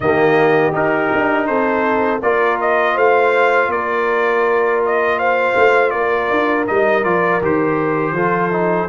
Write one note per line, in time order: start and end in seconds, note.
0.00 0.71 D#3
0.00 0.72 A#3
0.00 1.48 G4
0.00 0.74 D#5
0.72 2.20 D#4
0.72 1.11 D#4
0.72 1.46 A#4
1.14 1.48 D4
1.46 2.22 C4
1.46 2.22 A4
1.46 2.21 C5
2.22 2.96 A#3
2.22 6.67 F4
2.22 2.94 A#4
2.22 2.59 D5
2.60 2.97 D#5
2.94 3.68 A3
2.94 3.69 C5
2.94 3.71 F5
3.68 5.53 A#3
3.68 5.18 A#4
3.68 4.82 D5
4.85 5.18 D#5
5.18 5.92 C5
5.18 5.90 F5
5.56 5.92 A3
5.90 6.29 A#3
5.90 8.14 A#4
5.90 6.64 D5
6.30 6.67 D4
6.67 7.04 G3
6.67 7.04 D#4
6.67 7.04 D#5
7.04 7.41 F3
7.04 7.41 F4
7.04 7.41 D5
7.41 8.11 D#3
7.41 8.15 G4
7.41 8.88 C5
8.11 8.85 F3
8.11 8.51 F4
8.11 8.88 A4
8.51 8.88 D#4